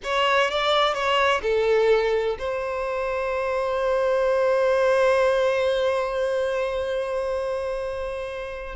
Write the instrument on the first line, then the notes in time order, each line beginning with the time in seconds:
violin
0.03 C#5
0.50 D5
0.93 C#5
1.42 A4
2.38 C5